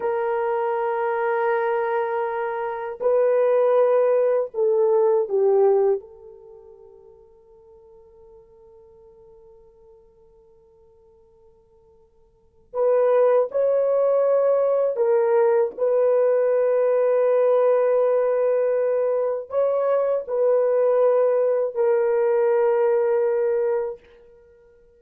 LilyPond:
\new Staff \with { instrumentName = "horn" } { \time 4/4 \tempo 4 = 80 ais'1 | b'2 a'4 g'4 | a'1~ | a'1~ |
a'4 b'4 cis''2 | ais'4 b'2.~ | b'2 cis''4 b'4~ | b'4 ais'2. | }